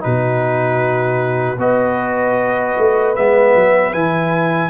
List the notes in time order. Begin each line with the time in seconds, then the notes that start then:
0.00 B2 D#4 F#4 B4
1.58 B3 F#4 B4 D#5
2.77 A3
3.15 G#3 B3 E5
3.55 F#3
3.93 E3 E4 G#5